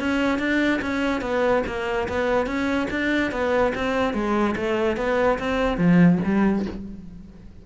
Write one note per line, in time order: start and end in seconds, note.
0.00 0.39 C#4
0.39 0.81 D4
0.82 1.22 C#4
1.22 1.63 B3
1.67 2.09 A#3
2.09 2.47 B3
2.47 2.88 C#4
2.91 3.32 D4
3.32 3.73 B3
3.75 4.14 C4
4.14 4.56 G#3
4.56 4.97 A3
4.97 5.39 B3
5.39 5.78 C4
5.78 6.19 F3
6.25 6.66 G3